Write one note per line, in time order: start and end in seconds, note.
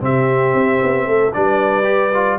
0.00 0.54 C3
0.00 1.32 C4
0.00 1.07 G4
0.00 1.33 E5
0.54 0.80 C4
0.83 1.06 B3
1.06 1.32 A3
1.06 1.33 A4
1.33 2.38 G3
1.33 1.84 D4
1.33 2.38 B4
1.33 2.38 D5
1.84 2.10 G4
2.14 2.38 F4